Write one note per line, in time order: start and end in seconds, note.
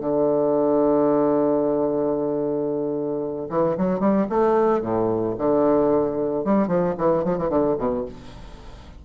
0.00 3.48 D3
3.49 3.76 E3
3.77 4.00 F#3
4.00 4.27 G3
4.29 4.81 A3
4.81 5.35 A2
5.38 6.44 D3
6.44 6.67 G3
6.67 6.94 F3
6.98 7.24 E3
7.24 7.38 F3
7.38 7.49 E3
7.49 7.76 D3
7.78 8.05 B2